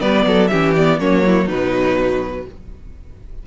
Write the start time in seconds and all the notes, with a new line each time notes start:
0.00 G3 B3 B4 D5
0.26 F#3 A4
0.48 E3 C#4 G4 E5
0.76 B3 D5
1.00 F#3 A#3 C#4 C#5
1.26 E4
1.45 B2 F#3 D#4 B4